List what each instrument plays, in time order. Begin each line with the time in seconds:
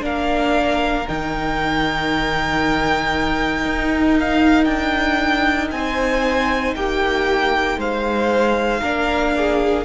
0.00 cello A#3, viola D4, violin A#4 F5
1.08 cello D#3, viola D#4, violin G5
3.65 cello D#4
4.19 violin F5
4.64 cello D4, violin G5
5.71 cello C4, violin C5 G#5
6.75 cello A#3, violin G4 G5
7.77 cello G#3, violin C5 F5
8.80 cello A#3, viola D4, violin A#4
9.37 violin G#4